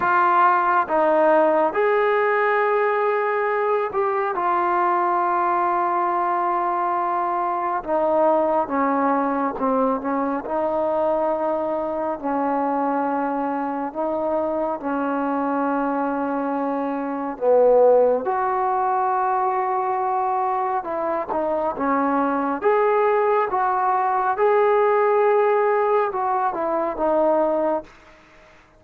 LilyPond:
\new Staff \with { instrumentName = "trombone" } { \time 4/4 \tempo 4 = 69 f'4 dis'4 gis'2~ | gis'8 g'8 f'2.~ | f'4 dis'4 cis'4 c'8 cis'8 | dis'2 cis'2 |
dis'4 cis'2. | b4 fis'2. | e'8 dis'8 cis'4 gis'4 fis'4 | gis'2 fis'8 e'8 dis'4 | }